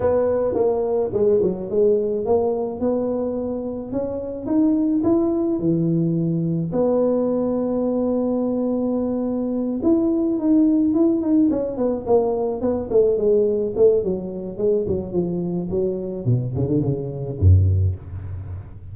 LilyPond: \new Staff \with { instrumentName = "tuba" } { \time 4/4 \tempo 4 = 107 b4 ais4 gis8 fis8 gis4 | ais4 b2 cis'4 | dis'4 e'4 e2 | b1~ |
b4. e'4 dis'4 e'8 | dis'8 cis'8 b8 ais4 b8 a8 gis8~ | gis8 a8 fis4 gis8 fis8 f4 | fis4 b,8 cis16 d16 cis4 fis,4 | }